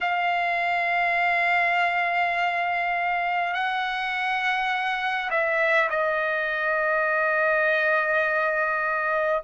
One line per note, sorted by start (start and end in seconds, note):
0.01 3.53 F5
3.53 5.29 F#5
5.30 5.89 E5
5.90 9.43 D#5